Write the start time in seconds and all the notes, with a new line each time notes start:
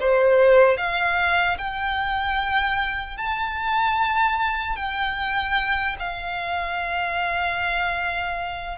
0.00 C5
0.77 F5
1.58 G5
3.17 A5
4.76 G5
5.99 F5